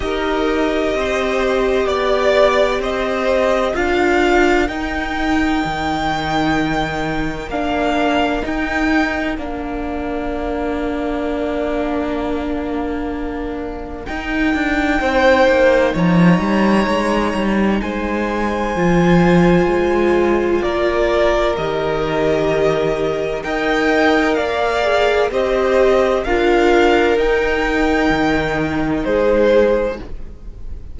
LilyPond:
<<
  \new Staff \with { instrumentName = "violin" } { \time 4/4 \tempo 4 = 64 dis''2 d''4 dis''4 | f''4 g''2. | f''4 g''4 f''2~ | f''2. g''4~ |
g''4 ais''2 gis''4~ | gis''2 d''4 dis''4~ | dis''4 g''4 f''4 dis''4 | f''4 g''2 c''4 | }
  \new Staff \with { instrumentName = "violin" } { \time 4/4 ais'4 c''4 d''4 c''4 | ais'1~ | ais'1~ | ais'1 |
c''4 cis''2 c''4~ | c''2 ais'2~ | ais'4 dis''4 d''4 c''4 | ais'2. gis'4 | }
  \new Staff \with { instrumentName = "viola" } { \time 4/4 g'1 | f'4 dis'2. | d'4 dis'4 d'2~ | d'2. dis'4~ |
dis'1 | f'2. g'4~ | g'4 ais'4. gis'8 g'4 | f'4 dis'2. | }
  \new Staff \with { instrumentName = "cello" } { \time 4/4 dis'4 c'4 b4 c'4 | d'4 dis'4 dis2 | ais4 dis'4 ais2~ | ais2. dis'8 d'8 |
c'8 ais8 f8 g8 gis8 g8 gis4 | f4 gis4 ais4 dis4~ | dis4 dis'4 ais4 c'4 | d'4 dis'4 dis4 gis4 | }
>>